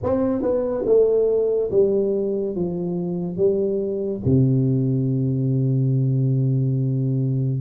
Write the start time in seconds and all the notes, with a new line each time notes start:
0.03 C4
0.41 B3
0.86 A3
1.71 G3
2.55 F3
3.36 G3
4.25 C3